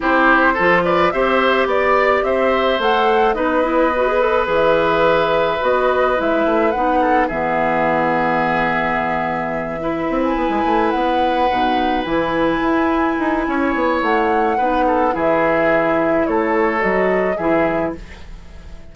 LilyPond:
<<
  \new Staff \with { instrumentName = "flute" } { \time 4/4 \tempo 4 = 107 c''4. d''8 e''4 d''4 | e''4 fis''4 dis''2 | e''2 dis''4 e''4 | fis''4 e''2.~ |
e''2~ e''16 gis''4~ gis''16 fis''8~ | fis''4. gis''2~ gis''8~ | gis''4 fis''2 e''4~ | e''4 cis''4 dis''4 e''4 | }
  \new Staff \with { instrumentName = "oboe" } { \time 4/4 g'4 a'8 b'8 c''4 d''4 | c''2 b'2~ | b'1~ | b'8 a'8 gis'2.~ |
gis'4. b'2~ b'8~ | b'1 | cis''2 b'8 a'8 gis'4~ | gis'4 a'2 gis'4 | }
  \new Staff \with { instrumentName = "clarinet" } { \time 4/4 e'4 f'4 g'2~ | g'4 a'4 dis'8 e'8 fis'16 gis'16 a'8 | gis'2 fis'4 e'4 | dis'4 b2.~ |
b4. e'2~ e'8~ | e'8 dis'4 e'2~ e'8~ | e'2 dis'4 e'4~ | e'2 fis'4 e'4 | }
  \new Staff \with { instrumentName = "bassoon" } { \time 4/4 c'4 f4 c'4 b4 | c'4 a4 b2 | e2 b4 gis8 a8 | b4 e2.~ |
e2 c'8 b16 gis16 a8 b8~ | b8 b,4 e4 e'4 dis'8 | cis'8 b8 a4 b4 e4~ | e4 a4 fis4 e4 | }
>>